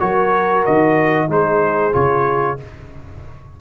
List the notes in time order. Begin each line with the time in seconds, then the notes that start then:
0.00 F#3 F#4 A#4 C#5
0.66 D#3 D#5
1.29 G#3 D#4 G#4 C5
1.93 C#3 F4 C#5